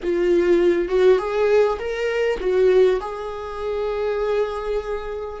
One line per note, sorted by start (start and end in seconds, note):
0.02 0.88 F4
0.88 1.18 F#4
1.18 1.78 G#4
1.78 2.38 A#4
2.40 3.00 F#4
3.00 5.40 G#4